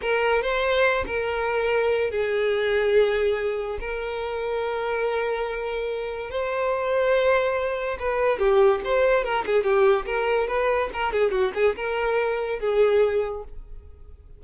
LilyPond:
\new Staff \with { instrumentName = "violin" } { \time 4/4 \tempo 4 = 143 ais'4 c''4. ais'4.~ | ais'4 gis'2.~ | gis'4 ais'2.~ | ais'2. c''4~ |
c''2. b'4 | g'4 c''4 ais'8 gis'8 g'4 | ais'4 b'4 ais'8 gis'8 fis'8 gis'8 | ais'2 gis'2 | }